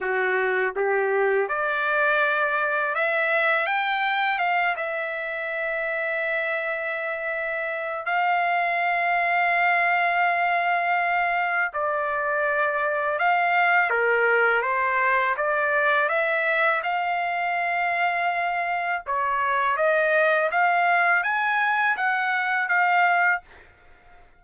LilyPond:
\new Staff \with { instrumentName = "trumpet" } { \time 4/4 \tempo 4 = 82 fis'4 g'4 d''2 | e''4 g''4 f''8 e''4.~ | e''2. f''4~ | f''1 |
d''2 f''4 ais'4 | c''4 d''4 e''4 f''4~ | f''2 cis''4 dis''4 | f''4 gis''4 fis''4 f''4 | }